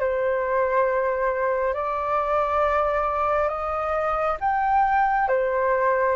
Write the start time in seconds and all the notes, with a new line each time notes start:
0.00 C5
1.74 D5
3.49 D#5
4.40 G5
5.28 C5